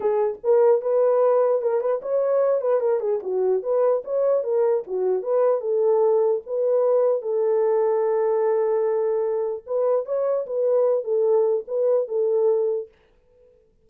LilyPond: \new Staff \with { instrumentName = "horn" } { \time 4/4 \tempo 4 = 149 gis'4 ais'4 b'2 | ais'8 b'8 cis''4. b'8 ais'8 gis'8 | fis'4 b'4 cis''4 ais'4 | fis'4 b'4 a'2 |
b'2 a'2~ | a'1 | b'4 cis''4 b'4. a'8~ | a'4 b'4 a'2 | }